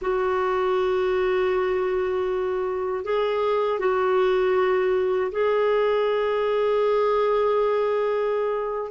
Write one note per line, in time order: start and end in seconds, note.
0.01 3.04 F#4
3.04 3.79 G#4
3.79 5.31 F#4
5.31 8.91 G#4